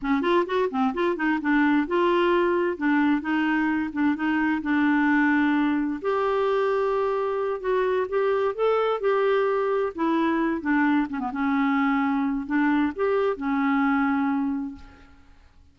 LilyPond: \new Staff \with { instrumentName = "clarinet" } { \time 4/4 \tempo 4 = 130 cis'8 f'8 fis'8 c'8 f'8 dis'8 d'4 | f'2 d'4 dis'4~ | dis'8 d'8 dis'4 d'2~ | d'4 g'2.~ |
g'8 fis'4 g'4 a'4 g'8~ | g'4. e'4. d'4 | cis'16 b16 cis'2~ cis'8 d'4 | g'4 cis'2. | }